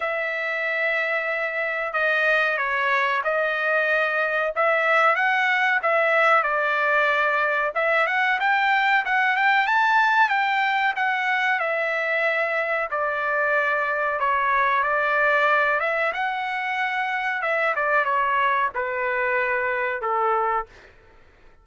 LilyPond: \new Staff \with { instrumentName = "trumpet" } { \time 4/4 \tempo 4 = 93 e''2. dis''4 | cis''4 dis''2 e''4 | fis''4 e''4 d''2 | e''8 fis''8 g''4 fis''8 g''8 a''4 |
g''4 fis''4 e''2 | d''2 cis''4 d''4~ | d''8 e''8 fis''2 e''8 d''8 | cis''4 b'2 a'4 | }